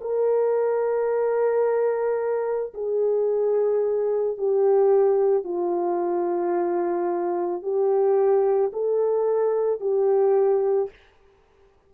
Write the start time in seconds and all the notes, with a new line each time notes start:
0.00 A#4
2.73 G#4
4.37 G4
5.43 F4
7.62 G4
8.72 A4
9.80 G4